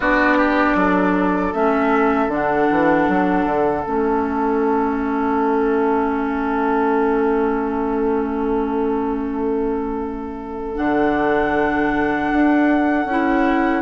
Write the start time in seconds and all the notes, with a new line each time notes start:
0.00 B3 D4 F#4 D5
0.37 G4
0.75 F#3 A4
1.53 A3 C#4 E5
2.27 D3 D4 F#5
2.70 E3
3.08 F#3
3.45 D3
3.84 A3 C#4 E5
10.75 D3 D4 F#5
12.32 D4
13.05 C#4 E4